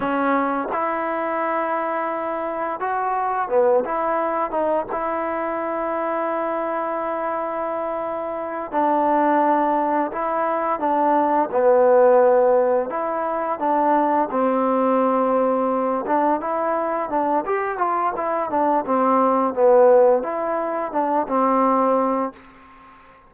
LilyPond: \new Staff \with { instrumentName = "trombone" } { \time 4/4 \tempo 4 = 86 cis'4 e'2. | fis'4 b8 e'4 dis'8 e'4~ | e'1~ | e'8 d'2 e'4 d'8~ |
d'8 b2 e'4 d'8~ | d'8 c'2~ c'8 d'8 e'8~ | e'8 d'8 g'8 f'8 e'8 d'8 c'4 | b4 e'4 d'8 c'4. | }